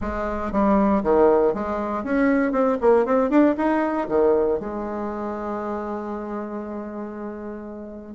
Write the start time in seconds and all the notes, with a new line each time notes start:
0.01 G#3
0.52 G3
1.03 D#3
1.54 G#3
2.04 C#4
2.52 C4
2.81 A#3
3.05 C4
3.30 D4
3.57 D#4
4.08 D#3
4.59 G#3